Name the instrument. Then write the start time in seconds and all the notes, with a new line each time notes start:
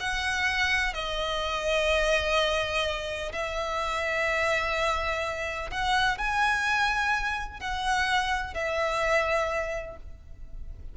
violin
0.00 F#5
0.94 D#5
3.32 E5
5.71 F#5
6.18 G#5
7.60 F#5
8.54 E5